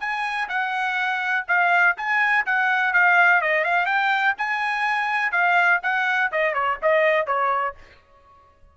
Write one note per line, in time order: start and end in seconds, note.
0.00 0.48 G#5
0.49 1.46 F#5
1.48 1.97 F5
1.98 2.46 G#5
2.46 2.94 F#5
2.94 3.42 F5
3.42 3.65 D#5
3.65 3.86 F5
3.86 4.35 G5
4.38 5.32 G#5
5.32 5.81 F5
5.83 6.31 F#5
6.32 6.54 D#5
6.54 6.78 C#5
6.82 7.27 D#5
7.27 7.76 C#5